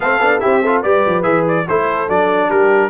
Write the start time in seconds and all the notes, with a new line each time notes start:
0.00 A3 C4 A4 F5
0.20 B3 D4
0.39 C4 E4 G4 E5
0.61 F4 A4
0.81 G3 G4 B4 D5
1.06 F3
1.22 E3 G#4 E5
1.48 D5
1.67 A3 E4 A4 C5
2.08 F#3 D4 D5
2.47 G3 G4 A#4